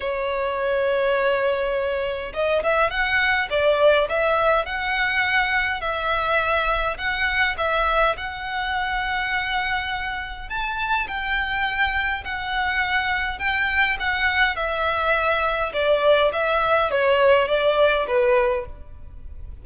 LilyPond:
\new Staff \with { instrumentName = "violin" } { \time 4/4 \tempo 4 = 103 cis''1 | dis''8 e''8 fis''4 d''4 e''4 | fis''2 e''2 | fis''4 e''4 fis''2~ |
fis''2 a''4 g''4~ | g''4 fis''2 g''4 | fis''4 e''2 d''4 | e''4 cis''4 d''4 b'4 | }